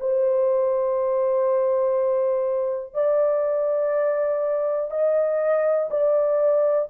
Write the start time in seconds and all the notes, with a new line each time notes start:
0.00 C5
2.94 D5
4.91 D#5
5.91 D5